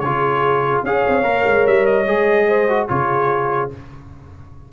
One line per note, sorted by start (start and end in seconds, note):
0.00 0.82 C#3
0.00 0.87 F4
0.00 0.85 G#4
0.00 0.82 C#5
0.84 1.05 C#4
0.84 1.23 G#4
0.84 2.48 C#5
0.84 1.67 F5
1.09 1.23 C4
1.23 1.44 A#3
1.23 2.05 A#4
1.46 1.67 G#3
1.67 2.07 G3
1.67 1.86 E5
1.86 2.88 D#5
2.07 2.88 G#3
2.07 2.69 G#4
2.48 2.89 C5
2.69 2.89 F#4
2.89 3.72 C#3
2.89 3.70 F4
2.89 3.73 G#4
2.89 3.70 C#5